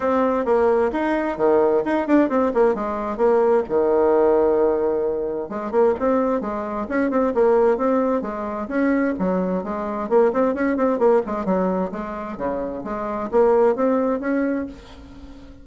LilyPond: \new Staff \with { instrumentName = "bassoon" } { \time 4/4 \tempo 4 = 131 c'4 ais4 dis'4 dis4 | dis'8 d'8 c'8 ais8 gis4 ais4 | dis1 | gis8 ais8 c'4 gis4 cis'8 c'8 |
ais4 c'4 gis4 cis'4 | fis4 gis4 ais8 c'8 cis'8 c'8 | ais8 gis8 fis4 gis4 cis4 | gis4 ais4 c'4 cis'4 | }